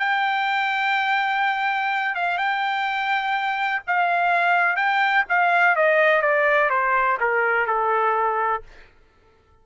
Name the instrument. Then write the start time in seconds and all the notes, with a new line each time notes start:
trumpet
0.00 G5
2.15 F5
2.38 G5
3.87 F5
4.76 G5
5.29 F5
5.76 D#5
6.22 D5
6.70 C5
7.21 A#4
7.67 A4